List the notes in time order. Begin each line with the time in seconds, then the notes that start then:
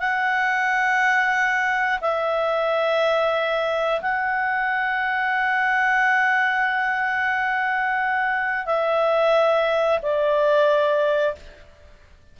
0.00 F#5
2.02 E5
4.02 F#5
8.66 E5
10.02 D5